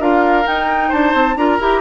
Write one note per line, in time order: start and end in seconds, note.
0.00 0.46 D4
0.00 0.44 F4
0.00 0.89 A#4
0.00 0.47 F5
0.44 1.36 D#4
0.44 0.92 D#4
0.44 0.92 G5
0.89 1.14 D4
0.89 1.35 C5
0.89 1.37 A5
1.14 1.36 C4
1.36 1.59 D4
1.36 1.60 F4
1.36 1.80 A#4
1.36 1.80 A#5
1.60 1.80 E4
1.60 1.80 G4